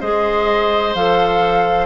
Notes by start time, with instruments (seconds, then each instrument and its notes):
0.00 bassoon G#3, clarinet G#4, oboe C5, flute D#5
0.94 bassoon F3, clarinet A4, flute F5